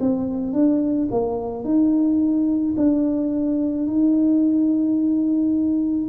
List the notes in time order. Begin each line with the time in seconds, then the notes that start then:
0.00 C4
0.53 D4
1.11 A#3
1.64 D#4
2.77 D4
3.87 D#4